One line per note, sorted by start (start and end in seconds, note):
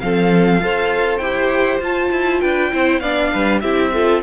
0.00 0.60 F3
0.00 0.61 C4
0.00 0.63 A4
0.00 1.18 F5
0.60 1.19 F4
0.60 1.21 A4
0.60 2.42 C5
1.18 1.79 E4
1.18 1.82 G4
1.18 1.78 G5
1.79 2.10 F4
1.79 2.72 F4
1.79 2.41 A5
2.12 2.42 E4
2.41 2.73 D4
2.41 2.72 B4
2.41 3.00 G5
2.72 3.01 C4
2.72 3.02 E4
2.72 3.01 C5
3.00 3.31 B3
3.00 3.63 D4
3.00 3.31 D5
3.00 3.60 F5
3.33 3.63 G3
3.33 3.62 B4
3.61 4.23 C4
3.61 3.93 E4
3.61 3.92 G4
3.61 4.21 E5
3.93 4.23 F4
3.93 4.23 A4